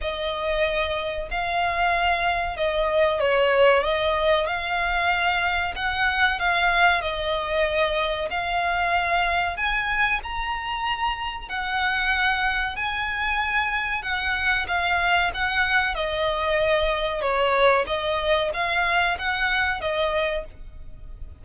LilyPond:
\new Staff \with { instrumentName = "violin" } { \time 4/4 \tempo 4 = 94 dis''2 f''2 | dis''4 cis''4 dis''4 f''4~ | f''4 fis''4 f''4 dis''4~ | dis''4 f''2 gis''4 |
ais''2 fis''2 | gis''2 fis''4 f''4 | fis''4 dis''2 cis''4 | dis''4 f''4 fis''4 dis''4 | }